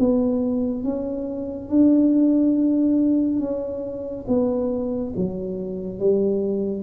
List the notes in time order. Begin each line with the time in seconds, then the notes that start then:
0.00 B3
0.84 C#4
1.70 D4
3.40 C#4
4.28 B3
5.17 F#3
6.00 G3